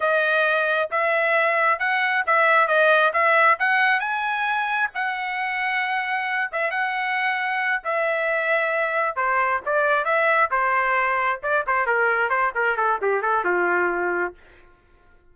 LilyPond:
\new Staff \with { instrumentName = "trumpet" } { \time 4/4 \tempo 4 = 134 dis''2 e''2 | fis''4 e''4 dis''4 e''4 | fis''4 gis''2 fis''4~ | fis''2~ fis''8 e''8 fis''4~ |
fis''4. e''2~ e''8~ | e''8 c''4 d''4 e''4 c''8~ | c''4. d''8 c''8 ais'4 c''8 | ais'8 a'8 g'8 a'8 f'2 | }